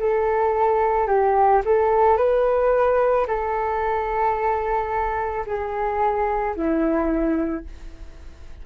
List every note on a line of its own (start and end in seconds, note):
0.00 1.07 A4
1.07 1.62 G4
1.65 2.17 A4
2.17 3.26 B4
3.27 5.45 A4
5.46 6.55 G#4
6.56 7.65 E4